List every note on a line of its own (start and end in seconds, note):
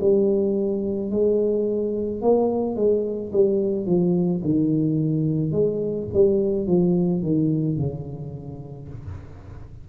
0.00 1.10 G3
1.10 2.21 G#3
2.21 2.75 A#3
2.75 3.31 G#3
3.32 3.86 G3
3.86 4.41 F3
4.44 5.52 D#3
5.52 6.07 G#3
6.13 6.67 G3
6.67 7.22 F3
7.22 7.77 D#3
7.77 8.88 C#3